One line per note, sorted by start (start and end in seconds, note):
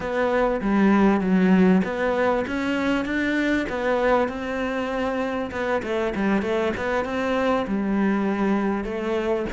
0.00 0.60 B3
0.61 1.20 G3
1.20 1.81 F#3
1.84 2.45 B3
2.47 3.05 C#4
3.05 3.66 D4
3.69 4.28 B3
4.28 5.50 C4
5.51 5.82 B3
5.82 6.13 A3
6.15 6.41 G3
6.41 6.72 A3
6.77 7.04 B3
7.04 7.66 C4
7.67 8.84 G3
8.84 9.45 A3